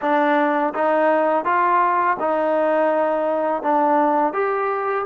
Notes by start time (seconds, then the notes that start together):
0.01 D4
0.74 D#4
1.44 F4
2.19 D#4
3.62 D4
4.33 G4